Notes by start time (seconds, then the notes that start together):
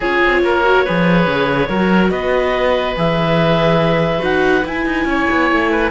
0.00 C#4 F4 G#4 C#5
0.24 C4
0.43 A#3 A#4
0.63 F#4
0.84 F3 G#4 B4
1.26 C#3
1.68 F#3 F#4 A#4
2.10 B3 B4 D#5
2.96 E3 G#4 E5
4.18 D#4 F#4 F#5
4.64 E4 G#5
4.85 D#4
5.05 C#4 C#5
5.30 B3
5.51 A3
5.71 B4